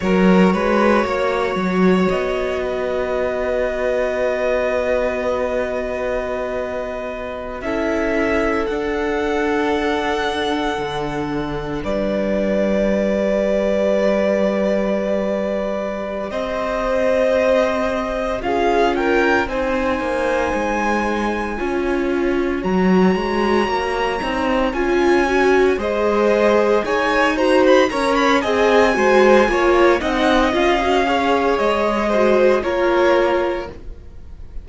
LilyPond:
<<
  \new Staff \with { instrumentName = "violin" } { \time 4/4 \tempo 4 = 57 cis''2 dis''2~ | dis''2.~ dis''16 e''8.~ | e''16 fis''2. d''8.~ | d''2.~ d''8 dis''8~ |
dis''4. f''8 g''8 gis''4.~ | gis''4. ais''2 gis''8~ | gis''8 dis''4 gis''8 ais''16 b''16 ais''16 b''16 gis''4~ | gis''8 fis''8 f''4 dis''4 cis''4 | }
  \new Staff \with { instrumentName = "violin" } { \time 4/4 ais'8 b'8 cis''4. b'4.~ | b'2.~ b'16 a'8.~ | a'2.~ a'16 b'8.~ | b'2.~ b'8 c''8~ |
c''4. gis'8 ais'8 c''4.~ | c''8 cis''2.~ cis''8~ | cis''8 c''4 cis''8 c''8 cis''8 dis''8 c''8 | cis''8 dis''4 cis''4 c''8 ais'4 | }
  \new Staff \with { instrumentName = "viola" } { \time 4/4 fis'1~ | fis'2.~ fis'16 e'8.~ | e'16 d'2.~ d'8.~ | d'8 g'2.~ g'8~ |
g'4. f'4 dis'4.~ | dis'8 f'4 fis'4. dis'8 f'8 | fis'8 gis'4. fis'8 ais'8 gis'8 fis'8 | f'8 dis'8 f'16 fis'16 gis'4 fis'8 f'4 | }
  \new Staff \with { instrumentName = "cello" } { \time 4/4 fis8 gis8 ais8 fis8 b2~ | b2.~ b16 cis'8.~ | cis'16 d'2 d4 g8.~ | g2.~ g8 c'8~ |
c'4. cis'4 c'8 ais8 gis8~ | gis8 cis'4 fis8 gis8 ais8 c'8 cis'8~ | cis'8 gis4 dis'4 cis'8 c'8 gis8 | ais8 c'8 cis'4 gis4 ais4 | }
>>